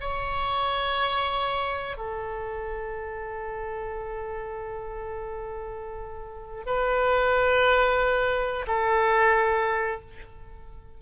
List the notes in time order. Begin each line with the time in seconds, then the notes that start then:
0.00 C#5
1.97 A4
6.65 B4
8.67 A4